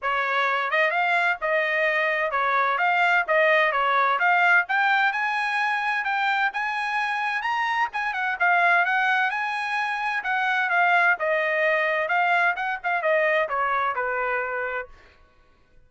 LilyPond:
\new Staff \with { instrumentName = "trumpet" } { \time 4/4 \tempo 4 = 129 cis''4. dis''8 f''4 dis''4~ | dis''4 cis''4 f''4 dis''4 | cis''4 f''4 g''4 gis''4~ | gis''4 g''4 gis''2 |
ais''4 gis''8 fis''8 f''4 fis''4 | gis''2 fis''4 f''4 | dis''2 f''4 fis''8 f''8 | dis''4 cis''4 b'2 | }